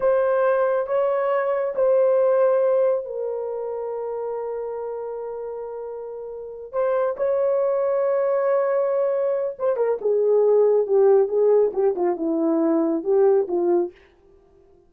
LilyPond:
\new Staff \with { instrumentName = "horn" } { \time 4/4 \tempo 4 = 138 c''2 cis''2 | c''2. ais'4~ | ais'1~ | ais'2.~ ais'8 c''8~ |
c''8 cis''2.~ cis''8~ | cis''2 c''8 ais'8 gis'4~ | gis'4 g'4 gis'4 g'8 f'8 | e'2 g'4 f'4 | }